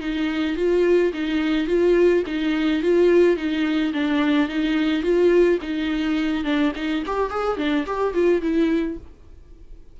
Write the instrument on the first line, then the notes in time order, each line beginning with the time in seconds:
viola
0.00 D#4
0.56 F4
1.13 D#4
1.67 F4
2.26 D#4
2.82 F4
3.36 D#4
3.93 D4
4.49 D#4
5.03 F4
5.62 D#4
6.44 D4
6.75 D#4
7.06 G4
7.30 G#4
7.57 D4
7.86 G4
8.14 F4
8.41 E4